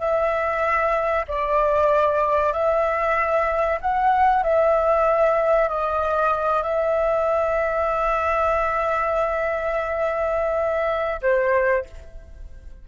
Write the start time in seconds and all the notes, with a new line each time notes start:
0.00 E5
1.29 D5
2.53 E5
3.82 F#5
4.44 E5
5.69 D#5
6.63 E5
11.22 C5